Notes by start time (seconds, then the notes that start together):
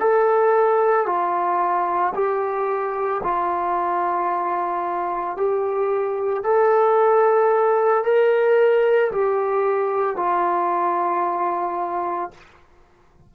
0.00 A4
1.06 F4
2.14 G4
3.23 F4
5.37 G4
6.44 A4
8.04 A#4
9.12 G4
10.16 F4